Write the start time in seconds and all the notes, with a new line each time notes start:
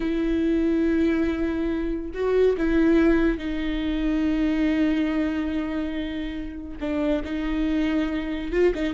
0.00 E4
2.14 F#4
2.57 E4
3.38 D#4
6.80 D4
7.24 D#4
8.51 F4
8.74 D#4